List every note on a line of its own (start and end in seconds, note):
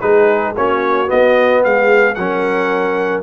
0.00 0.56 G#3
0.00 0.55 D#4
0.00 0.54 G#4
0.00 0.54 B4
0.56 1.10 A#3
0.56 1.06 C#4
0.56 1.64 F#4
0.56 1.10 C#5
1.06 2.14 B3
1.06 1.65 B3
1.06 1.64 D#5
1.64 2.17 G#3
1.64 2.18 G#4
1.64 2.14 F5
2.14 3.23 F#3
2.14 3.23 C#4
2.14 3.23 A#4
2.14 3.22 F#5